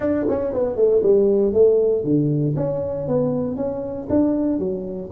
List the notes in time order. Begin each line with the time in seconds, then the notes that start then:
0.00 D4
0.28 C#4
0.53 B3
0.76 A3
1.02 G3
1.53 A3
2.03 D3
2.56 C#4
3.07 B3
3.56 C#4
4.09 D4
4.58 F#3